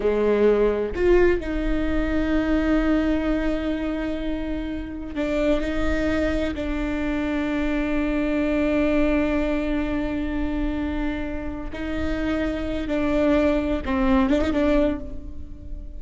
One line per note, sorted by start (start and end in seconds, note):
0.00 0.93 G#3
0.95 1.40 F4
1.40 5.15 D#4
5.15 5.60 D4
5.60 6.54 D#4
6.54 11.70 D4
11.72 12.87 D#4
12.87 13.81 D4
13.85 14.29 C4
14.29 14.41 D4
14.41 14.52 D#4
14.52 14.99 D4